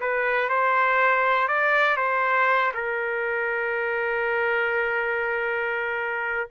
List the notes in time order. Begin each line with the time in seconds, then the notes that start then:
0.00 B4
0.49 C5
1.48 D5
1.96 C5
2.73 A#4